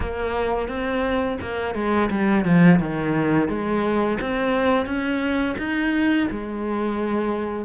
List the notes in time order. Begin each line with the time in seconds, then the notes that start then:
0.00 A#3
0.68 C4
1.41 A#3
1.74 G#3
2.10 G3
2.44 F3
2.79 D#3
3.48 G#3
4.20 C4
4.86 C#4
5.58 D#4
6.30 G#3